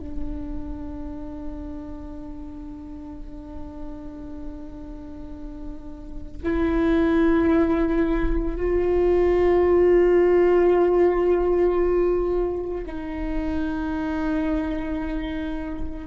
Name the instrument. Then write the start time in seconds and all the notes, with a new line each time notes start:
viola
0.00 D4
6.43 E4
8.57 F4
12.86 D#4